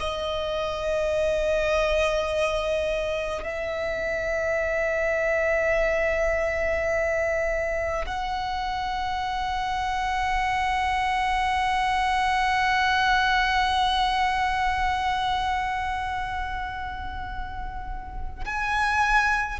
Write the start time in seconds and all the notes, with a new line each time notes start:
0.00 D#5
3.44 E5
8.06 F#5
18.45 G#5